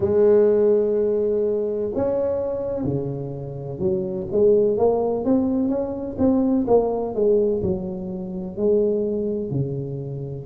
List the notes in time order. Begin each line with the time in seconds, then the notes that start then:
0.00 G#3
1.94 C#4
2.84 C#3
3.78 F#3
4.31 G#3
4.77 A#3
5.24 C4
5.68 C#4
6.18 C4
6.67 A#3
7.14 G#3
7.62 F#3
8.57 G#3
9.50 C#3